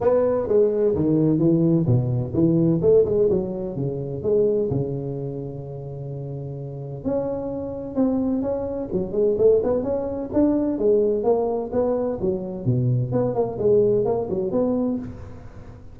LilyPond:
\new Staff \with { instrumentName = "tuba" } { \time 4/4 \tempo 4 = 128 b4 gis4 dis4 e4 | b,4 e4 a8 gis8 fis4 | cis4 gis4 cis2~ | cis2. cis'4~ |
cis'4 c'4 cis'4 fis8 gis8 | a8 b8 cis'4 d'4 gis4 | ais4 b4 fis4 b,4 | b8 ais8 gis4 ais8 fis8 b4 | }